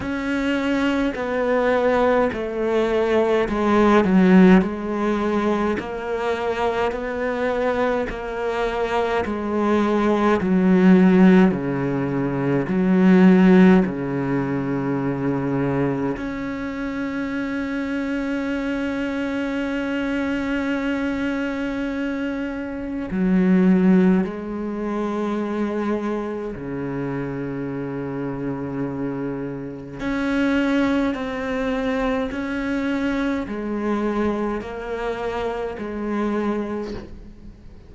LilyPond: \new Staff \with { instrumentName = "cello" } { \time 4/4 \tempo 4 = 52 cis'4 b4 a4 gis8 fis8 | gis4 ais4 b4 ais4 | gis4 fis4 cis4 fis4 | cis2 cis'2~ |
cis'1 | fis4 gis2 cis4~ | cis2 cis'4 c'4 | cis'4 gis4 ais4 gis4 | }